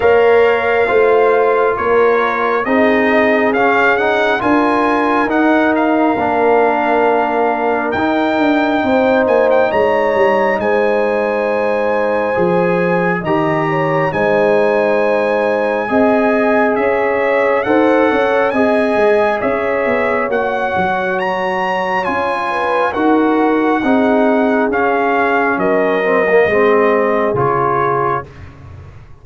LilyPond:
<<
  \new Staff \with { instrumentName = "trumpet" } { \time 4/4 \tempo 4 = 68 f''2 cis''4 dis''4 | f''8 fis''8 gis''4 fis''8 f''4.~ | f''4 g''4. gis''16 g''16 ais''4 | gis''2. ais''4 |
gis''2. e''4 | fis''4 gis''4 e''4 fis''4 | ais''4 gis''4 fis''2 | f''4 dis''2 cis''4 | }
  \new Staff \with { instrumentName = "horn" } { \time 4/4 cis''4 c''4 ais'4 gis'4~ | gis'4 ais'2.~ | ais'2 c''4 cis''4 | c''2. dis''8 cis''8 |
c''2 dis''4 cis''4 | c''8 cis''8 dis''4 cis''2~ | cis''4. b'8 ais'4 gis'4~ | gis'4 ais'4 gis'2 | }
  \new Staff \with { instrumentName = "trombone" } { \time 4/4 ais'4 f'2 dis'4 | cis'8 dis'8 f'4 dis'4 d'4~ | d'4 dis'2.~ | dis'2 gis'4 g'4 |
dis'2 gis'2 | a'4 gis'2 fis'4~ | fis'4 f'4 fis'4 dis'4 | cis'4. c'16 ais16 c'4 f'4 | }
  \new Staff \with { instrumentName = "tuba" } { \time 4/4 ais4 a4 ais4 c'4 | cis'4 d'4 dis'4 ais4~ | ais4 dis'8 d'8 c'8 ais8 gis8 g8 | gis2 f4 dis4 |
gis2 c'4 cis'4 | dis'8 cis'8 c'8 gis8 cis'8 b8 ais8 fis8~ | fis4 cis'4 dis'4 c'4 | cis'4 fis4 gis4 cis4 | }
>>